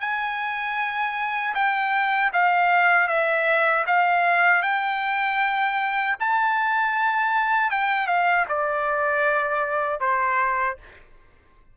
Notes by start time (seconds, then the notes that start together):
0.00 G#5
1.55 G5
2.33 F5
3.08 E5
3.87 F5
4.62 G5
6.20 A5
7.71 G5
8.07 F5
8.49 D5
10.00 C5